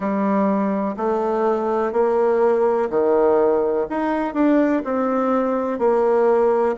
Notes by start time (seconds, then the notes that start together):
0.00 G3
0.96 A3
1.92 A#3
2.89 D#3
3.89 D#4
4.33 D4
4.84 C4
5.78 A#3